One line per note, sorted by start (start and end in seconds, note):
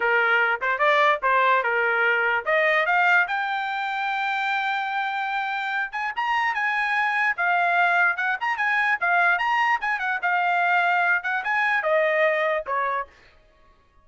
0.00 0.60 A#4
0.61 0.78 C5
0.78 1.19 D5
1.22 1.63 C5
1.63 2.44 A#4
2.45 2.86 D#5
2.86 3.26 F5
3.27 5.91 G5
5.91 6.12 G#5
6.16 6.54 A#5
6.54 7.36 G#5
7.36 8.17 F5
8.17 8.37 F#5
8.40 8.57 A#5
8.57 8.98 G#5
9.00 9.38 F5
9.38 9.79 A#5
9.81 9.99 G#5
9.99 10.19 F#5
10.22 11.23 F5
11.23 11.43 F#5
11.44 11.82 G#5
11.82 12.64 D#5
12.66 13.07 C#5